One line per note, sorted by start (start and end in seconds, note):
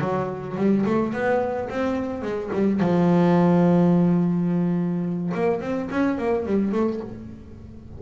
0.00 0.56 F#3
0.57 0.85 G3
0.86 1.13 A3
1.13 1.69 B3
1.69 2.22 C4
2.22 2.50 G#3
2.53 2.80 G3
2.80 5.32 F3
5.34 5.61 A#3
5.61 5.89 C4
5.90 6.18 C#4
6.18 6.45 A#3
6.45 6.72 G3
6.72 7.00 A3